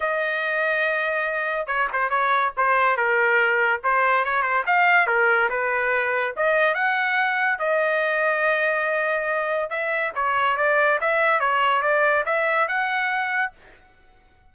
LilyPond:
\new Staff \with { instrumentName = "trumpet" } { \time 4/4 \tempo 4 = 142 dis''1 | cis''8 c''8 cis''4 c''4 ais'4~ | ais'4 c''4 cis''8 c''8 f''4 | ais'4 b'2 dis''4 |
fis''2 dis''2~ | dis''2. e''4 | cis''4 d''4 e''4 cis''4 | d''4 e''4 fis''2 | }